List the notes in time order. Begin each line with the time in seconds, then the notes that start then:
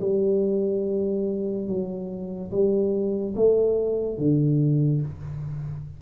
0.00 G3
1.67 F#3
2.51 G3
3.35 A3
4.18 D3